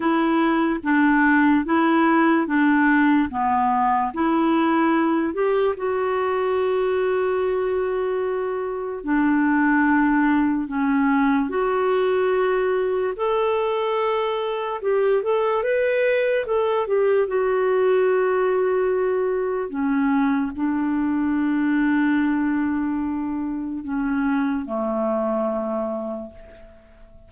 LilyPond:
\new Staff \with { instrumentName = "clarinet" } { \time 4/4 \tempo 4 = 73 e'4 d'4 e'4 d'4 | b4 e'4. g'8 fis'4~ | fis'2. d'4~ | d'4 cis'4 fis'2 |
a'2 g'8 a'8 b'4 | a'8 g'8 fis'2. | cis'4 d'2.~ | d'4 cis'4 a2 | }